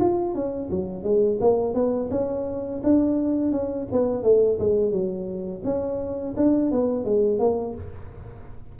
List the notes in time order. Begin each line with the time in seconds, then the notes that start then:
0.00 F4
0.35 C#4
0.71 F#3
1.04 G#3
1.41 A#3
1.75 B3
2.11 C#4
2.84 D4
3.52 C#4
3.92 B3
4.24 A3
4.59 G#3
4.92 F#3
5.64 C#4
6.37 D4
6.72 B3
7.05 G#3
7.39 A#3